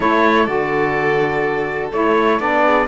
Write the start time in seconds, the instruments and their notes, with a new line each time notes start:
0.00 cello A3, saxophone E4, violin A4, trumpet C#5
0.46 cello D3, saxophone F#4, trumpet D5
1.92 cello A3, saxophone E4, trumpet C#5
2.39 cello B3, saxophone D4, trumpet D5
2.64 violin G#4